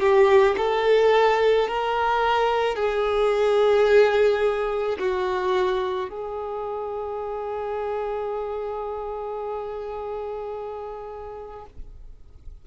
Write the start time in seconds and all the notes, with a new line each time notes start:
0.00 G4
0.58 A4
1.68 A#4
2.76 G#4
4.99 F#4
6.10 G#4